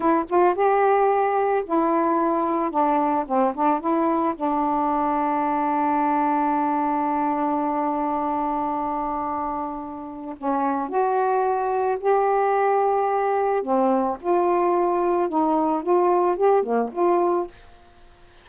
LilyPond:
\new Staff \with { instrumentName = "saxophone" } { \time 4/4 \tempo 4 = 110 e'8 f'8 g'2 e'4~ | e'4 d'4 c'8 d'8 e'4 | d'1~ | d'1~ |
d'2. cis'4 | fis'2 g'2~ | g'4 c'4 f'2 | dis'4 f'4 g'8 ais8 f'4 | }